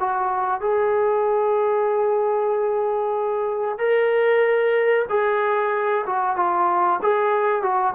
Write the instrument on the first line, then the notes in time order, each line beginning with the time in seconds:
trombone
0.00 F#4
0.61 G#4
3.79 A#4
5.09 G#4
6.06 F#4
6.36 F4
7.03 G#4
7.62 F#4